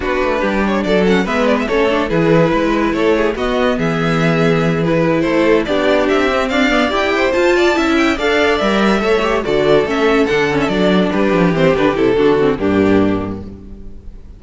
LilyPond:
<<
  \new Staff \with { instrumentName = "violin" } { \time 4/4 \tempo 4 = 143 b'4. cis''8 d''8 fis''8 e''8 d''16 e''16 | cis''4 b'2 cis''4 | dis''4 e''2~ e''8 b'8~ | b'8 c''4 d''4 e''4 f''8~ |
f''8 g''4 a''4. g''8 f''8~ | f''8 e''2 d''4 e''8~ | e''8 fis''8. e''16 d''4 b'4 c''8 | b'8 a'4. g'2 | }
  \new Staff \with { instrumentName = "violin" } { \time 4/4 fis'4 g'4 a'4 b'4 | a'4 gis'4 b'4 a'8 gis'8 | fis'4 gis'2.~ | gis'8 a'4 g'2 d''8~ |
d''4 c''4 d''8 e''4 d''8~ | d''4. cis''4 a'4.~ | a'2~ a'8 g'4.~ | g'4 fis'4 d'2 | }
  \new Staff \with { instrumentName = "viola" } { \time 4/4 d'2~ d'8 cis'8 b4 | cis'8 d'8 e'2. | b2.~ b8 e'8~ | e'4. d'4. c'4 |
b8 g'4 f'4 e'4 a'8~ | a'8 ais'4 a'8 g'8 fis'4 cis'8~ | cis'8 d'8 cis'8 d'2 c'8 | d'8 e'8 d'8 c'8 ais2 | }
  \new Staff \with { instrumentName = "cello" } { \time 4/4 b8 a8 g4 fis4 gis4 | a4 e4 gis4 a4 | b4 e2.~ | e8 a4 b4 c'4 d'8~ |
d'8 e'4 f'4 cis'4 d'8~ | d'8 g4 a4 d4 a8~ | a8 d4 fis4 g8 f8 e8 | d8 c8 d4 g,2 | }
>>